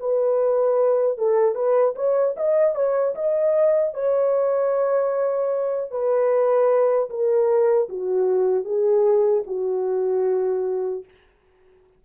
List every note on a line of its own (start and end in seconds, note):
0.00 1.18 B4
1.18 1.55 A4
1.55 1.94 B4
1.96 2.35 C#5
2.37 2.75 D#5
2.75 3.15 C#5
3.15 3.94 D#5
3.94 5.91 C#5
5.91 7.09 B4
7.10 7.89 A#4
7.89 8.65 F#4
8.65 9.44 G#4
9.47 11.05 F#4